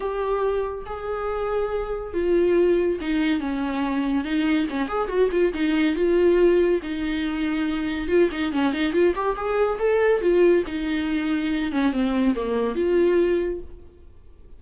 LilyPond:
\new Staff \with { instrumentName = "viola" } { \time 4/4 \tempo 4 = 141 g'2 gis'2~ | gis'4 f'2 dis'4 | cis'2 dis'4 cis'8 gis'8 | fis'8 f'8 dis'4 f'2 |
dis'2. f'8 dis'8 | cis'8 dis'8 f'8 g'8 gis'4 a'4 | f'4 dis'2~ dis'8 cis'8 | c'4 ais4 f'2 | }